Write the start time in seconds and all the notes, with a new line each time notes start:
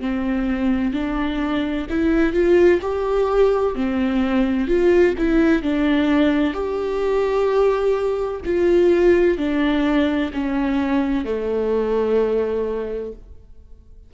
0.00 C4
0.93 D4
1.90 E4
2.34 F4
2.82 G4
3.75 C4
4.67 F4
5.18 E4
5.62 D4
6.54 G4
8.45 F4
9.37 D4
10.33 C#4
11.25 A3